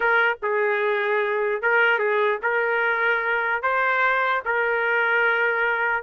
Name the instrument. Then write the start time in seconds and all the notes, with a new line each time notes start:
trumpet
0.00 A#4
0.42 G#4
1.61 A#4
1.98 G#4
2.42 A#4
3.62 C5
4.45 A#4